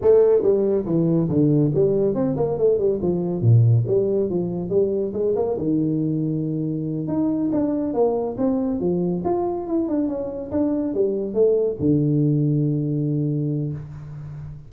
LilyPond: \new Staff \with { instrumentName = "tuba" } { \time 4/4 \tempo 4 = 140 a4 g4 e4 d4 | g4 c'8 ais8 a8 g8 f4 | ais,4 g4 f4 g4 | gis8 ais8 dis2.~ |
dis8 dis'4 d'4 ais4 c'8~ | c'8 f4 f'4 e'8 d'8 cis'8~ | cis'8 d'4 g4 a4 d8~ | d1 | }